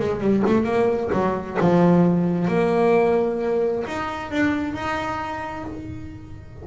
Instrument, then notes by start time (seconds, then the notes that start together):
double bass
0.00 G#3
0.21 G3
0.47 A3
0.64 A#3
1.13 F#3
1.61 F3
2.48 A#3
3.87 D#4
4.32 D4
4.74 D#4